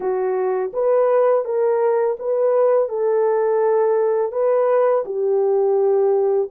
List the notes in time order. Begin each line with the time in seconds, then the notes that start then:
0.00 F#4
0.73 B4
1.44 A#4
2.19 B4
2.88 A4
4.31 B4
5.05 G4